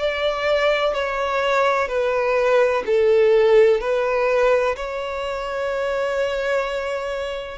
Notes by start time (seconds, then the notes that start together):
0.00 D5
0.94 C#5
1.88 B4
2.87 A4
3.81 B4
4.77 C#5